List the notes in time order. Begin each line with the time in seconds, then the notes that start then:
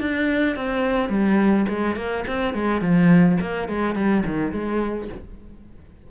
0.00 D4
0.56 C4
1.09 G3
1.68 G#3
1.96 A#3
2.27 C4
2.54 G#3
2.81 F3
3.41 A#3
3.68 G#3
3.95 G3
4.26 D#3
4.52 G#3